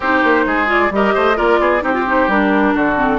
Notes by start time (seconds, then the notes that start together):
0.00 C4 D#4 G4 C5
0.23 A#3
0.46 G#3 G#4
0.66 F4 D5
0.90 G3 G4 A#4 D#5
1.14 A3 C5
1.35 A#3 F4 A#4 D5
1.59 B3 G#4
1.80 C4 D#4 G4 C5
1.93 F4
2.06 D#4
2.27 G3 D4 A#4
2.74 D3 F#4 A4
2.96 C4